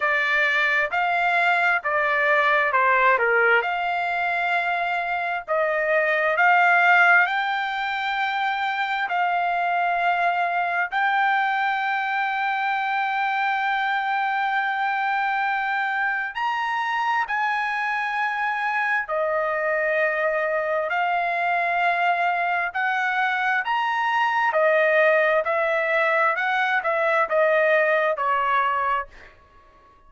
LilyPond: \new Staff \with { instrumentName = "trumpet" } { \time 4/4 \tempo 4 = 66 d''4 f''4 d''4 c''8 ais'8 | f''2 dis''4 f''4 | g''2 f''2 | g''1~ |
g''2 ais''4 gis''4~ | gis''4 dis''2 f''4~ | f''4 fis''4 ais''4 dis''4 | e''4 fis''8 e''8 dis''4 cis''4 | }